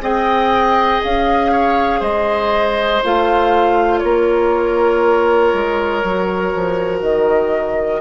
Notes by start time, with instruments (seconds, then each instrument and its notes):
0.00 bassoon C4, clarinet G#4, oboe D#5, flute G5
1.03 bassoon C#4, flute F5
1.51 oboe C#5
2.00 bassoon G#3, oboe C5, flute D#5
3.04 bassoon A3, clarinet F4, flute F5
3.98 bassoon A#3, oboe A#4, flute C#5
5.53 bassoon G#3
6.02 bassoon F#3, clarinet F#4
6.54 bassoon F3
7.01 bassoon D#3, flute D#5